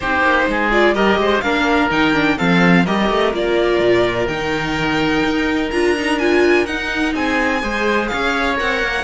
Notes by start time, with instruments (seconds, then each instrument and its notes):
0.00 cello C4, viola D#4, oboe G4, violin C5
0.22 cello A#3
0.48 cello G#3, oboe G#4
0.71 viola F4, violin D5
0.94 cello G3, viola G4, oboe A#4, violin D#5
1.17 cello G#3, oboe C5
1.40 cello A#3, viola D4, oboe A#4, violin F5
1.90 cello D#3, viola D#4, violin G5
2.13 viola D4
2.37 cello F3, viola C4, oboe A4, violin F5
2.85 cello G3, viola G4, oboe A#4, violin D#5
3.10 cello A3
3.33 cello A#3, viola F4, violin D5
3.79 cello A#2
4.27 cello D#3, viola D#4, violin G5
5.24 cello D#4
5.70 cello D4, viola F4, violin A#5
5.97 viola D#4
6.18 viola F4, violin G#5
6.65 viola D#4, cello D#4, violin F#5
7.15 cello C4, oboe G#4, violin G#5
7.61 cello G#3, viola G#4, oboe C5
8.07 cello C#4, oboe C#5, violin F5
8.56 cello C4, viola A#4, violin F#5
8.82 cello A#3